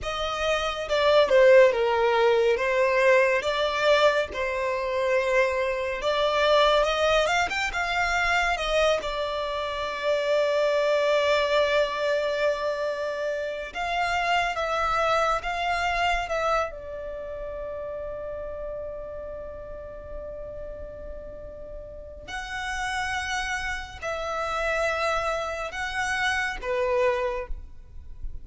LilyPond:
\new Staff \with { instrumentName = "violin" } { \time 4/4 \tempo 4 = 70 dis''4 d''8 c''8 ais'4 c''4 | d''4 c''2 d''4 | dis''8 f''16 g''16 f''4 dis''8 d''4.~ | d''1 |
f''4 e''4 f''4 e''8 d''8~ | d''1~ | d''2 fis''2 | e''2 fis''4 b'4 | }